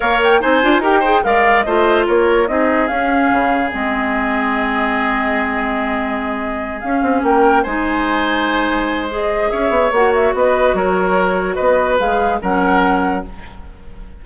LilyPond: <<
  \new Staff \with { instrumentName = "flute" } { \time 4/4 \tempo 4 = 145 f''8 g''8 gis''4 g''4 f''4 | dis''4 cis''4 dis''4 f''4~ | f''4 dis''2.~ | dis''1~ |
dis''8 f''4 g''4 gis''4.~ | gis''2 dis''4 e''4 | fis''8 e''8 dis''4 cis''2 | dis''4 f''4 fis''2 | }
  \new Staff \with { instrumentName = "oboe" } { \time 4/4 cis''4 c''4 ais'8 c''8 d''4 | c''4 ais'4 gis'2~ | gis'1~ | gis'1~ |
gis'4. ais'4 c''4.~ | c''2. cis''4~ | cis''4 b'4 ais'2 | b'2 ais'2 | }
  \new Staff \with { instrumentName = "clarinet" } { \time 4/4 ais'4 dis'8 f'8 g'8 gis'8 ais'4 | f'2 dis'4 cis'4~ | cis'4 c'2.~ | c'1~ |
c'8 cis'2 dis'4.~ | dis'2 gis'2 | fis'1~ | fis'4 gis'4 cis'2 | }
  \new Staff \with { instrumentName = "bassoon" } { \time 4/4 ais4 c'8 d'8 dis'4 gis4 | a4 ais4 c'4 cis'4 | cis4 gis2.~ | gis1~ |
gis8 cis'8 c'8 ais4 gis4.~ | gis2. cis'8 b8 | ais4 b4 fis2 | b4 gis4 fis2 | }
>>